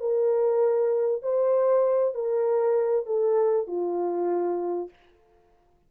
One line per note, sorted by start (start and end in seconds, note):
0.00 1.22 A#4
1.22 2.14 C5
2.14 3.06 A#4
3.06 3.67 A4
3.67 4.90 F4